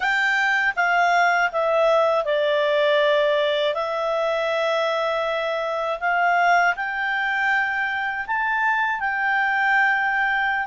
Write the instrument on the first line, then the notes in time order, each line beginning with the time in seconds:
clarinet
0.00 G5
0.76 F5
1.52 E5
2.24 D5
3.74 E5
6.00 F5
6.76 G5
8.26 A5
9.00 G5